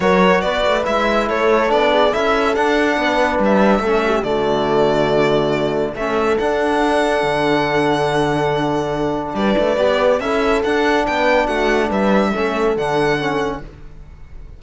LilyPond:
<<
  \new Staff \with { instrumentName = "violin" } { \time 4/4 \tempo 4 = 141 cis''4 d''4 e''4 cis''4 | d''4 e''4 fis''2 | e''2 d''2~ | d''2 e''4 fis''4~ |
fis''1~ | fis''2 d''2 | e''4 fis''4 g''4 fis''4 | e''2 fis''2 | }
  \new Staff \with { instrumentName = "horn" } { \time 4/4 ais'4 b'2 a'4~ | a'8 gis'8 a'2 b'4~ | b'4 a'8 g'8 fis'2~ | fis'2 a'2~ |
a'1~ | a'2 b'2 | a'2 b'4 fis'4 | b'4 a'2. | }
  \new Staff \with { instrumentName = "trombone" } { \time 4/4 fis'2 e'2 | d'4 e'4 d'2~ | d'4 cis'4 a2~ | a2 cis'4 d'4~ |
d'1~ | d'2. g'4 | e'4 d'2.~ | d'4 cis'4 d'4 cis'4 | }
  \new Staff \with { instrumentName = "cello" } { \time 4/4 fis4 b8 a8 gis4 a4 | b4 cis'4 d'4 b4 | g4 a4 d2~ | d2 a4 d'4~ |
d'4 d2.~ | d2 g8 a8 b4 | cis'4 d'4 b4 a4 | g4 a4 d2 | }
>>